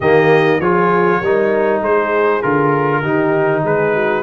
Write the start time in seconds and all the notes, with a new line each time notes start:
0.00 D#3 A#3 G4 D#5
0.60 F3 F4 G#4 C#5
1.20 G3 D#4 A#4
1.81 G#3 G#4 C5
2.41 D3 F4 A#4
3.01 D#3 D#4 G4
3.63 G#3 G#4 B4
3.94 F#4